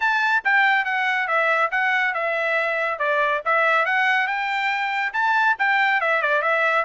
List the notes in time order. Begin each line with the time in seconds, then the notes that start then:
0.00 A5
0.44 G5
0.84 F#5
1.27 E5
1.71 F#5
2.14 E5
2.98 D5
3.45 E5
3.85 F#5
4.27 G5
5.13 A5
5.59 G5
6.01 E5
6.22 D5
6.41 E5